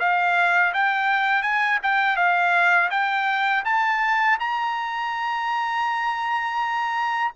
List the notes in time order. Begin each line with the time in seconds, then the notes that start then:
0.00 F5
0.74 G5
1.43 G#5
1.83 G5
2.17 F5
2.91 G5
3.65 A5
4.40 A#5